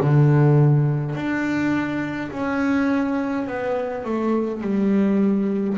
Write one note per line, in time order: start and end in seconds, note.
0.00 1.15 D3
1.15 2.31 D4
2.31 3.47 C#4
3.47 4.04 B3
4.04 4.62 A3
4.62 5.77 G3